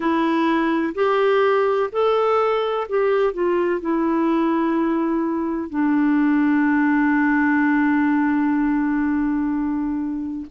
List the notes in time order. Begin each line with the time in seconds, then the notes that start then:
0.00 E4
0.94 G4
1.92 A4
2.88 G4
3.33 F4
3.81 E4
5.69 D4